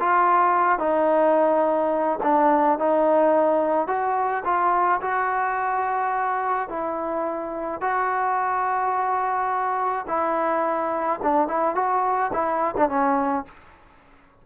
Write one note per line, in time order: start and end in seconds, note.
0.00 0.79 F4
0.79 2.19 D#4
2.23 2.79 D4
2.79 3.88 D#4
3.88 4.44 F#4
4.45 5.01 F4
5.02 6.69 F#4
6.69 7.81 E4
7.81 10.06 F#4
10.08 11.20 E4
11.23 11.48 D4
11.48 11.75 E4
11.75 12.31 F#4
12.33 12.75 E4
12.77 12.89 D4
12.89 13.45 C#4